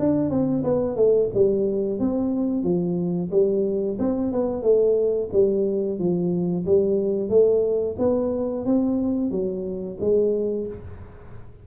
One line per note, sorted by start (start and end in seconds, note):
0.00 0.30 D4
0.30 0.64 C4
0.64 0.97 B3
0.97 1.30 A3
1.35 2.00 G3
2.00 2.64 C4
2.64 3.30 F3
3.32 3.98 G3
4.00 4.33 C4
4.33 4.63 B3
4.63 5.30 A3
5.33 5.99 G3
5.99 6.66 F3
6.66 7.30 G3
7.30 7.97 A3
7.99 8.66 B3
8.66 9.32 C4
9.32 9.98 F#3
10.01 10.67 G#3